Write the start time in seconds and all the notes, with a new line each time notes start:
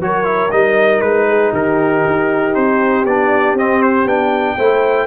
0.00 F#3 F#4 A#4 C#5
0.24 E4
0.51 G3 D#4 D#5
1.01 G#3 B4
1.28 G#4
1.52 D#3 G4 A#4
2.06 D#4
2.55 C4 C5
3.05 B3 D4 D5
3.54 C4 D#5
3.82 C5
4.05 B3 D4 G5
4.56 A3 E4 C5